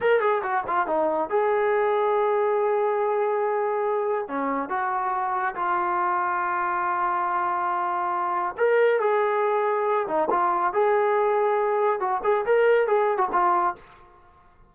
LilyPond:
\new Staff \with { instrumentName = "trombone" } { \time 4/4 \tempo 4 = 140 ais'8 gis'8 fis'8 f'8 dis'4 gis'4~ | gis'1~ | gis'2 cis'4 fis'4~ | fis'4 f'2.~ |
f'1 | ais'4 gis'2~ gis'8 dis'8 | f'4 gis'2. | fis'8 gis'8 ais'4 gis'8. fis'16 f'4 | }